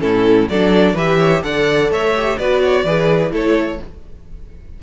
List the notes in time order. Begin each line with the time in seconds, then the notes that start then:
0.00 A2 C#4 E4 A4
0.49 F#3 D4 A4 D5
0.94 E3 G4 B4 E5
1.19 C#5
1.43 D3 A4 D5 F#5
1.90 A3 C#5 E5
2.15 G4
2.38 B3 F#4 B4 D5
2.63 C#5
2.84 E3 G#4 B4
3.30 A3 E4 A4 C#5